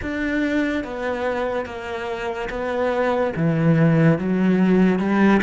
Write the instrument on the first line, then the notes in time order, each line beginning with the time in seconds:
cello
0.02 D4
0.84 B3
1.65 A#3
2.49 B3
3.36 E3
4.18 F#3
4.99 G3